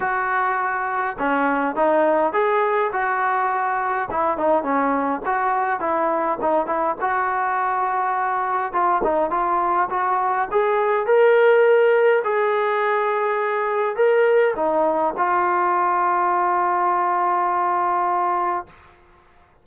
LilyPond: \new Staff \with { instrumentName = "trombone" } { \time 4/4 \tempo 4 = 103 fis'2 cis'4 dis'4 | gis'4 fis'2 e'8 dis'8 | cis'4 fis'4 e'4 dis'8 e'8 | fis'2. f'8 dis'8 |
f'4 fis'4 gis'4 ais'4~ | ais'4 gis'2. | ais'4 dis'4 f'2~ | f'1 | }